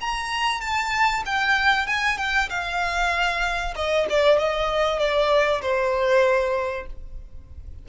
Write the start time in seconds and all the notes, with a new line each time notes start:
0.00 A#5
0.61 A5
1.25 G5
1.86 G#5
2.17 G5
2.49 F5
3.75 D#5
4.09 D5
4.38 D#5
4.98 D5
5.61 C5